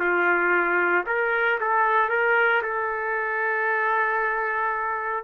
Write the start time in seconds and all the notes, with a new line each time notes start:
0.00 F4
1.07 A#4
1.61 A4
2.10 A#4
2.63 A4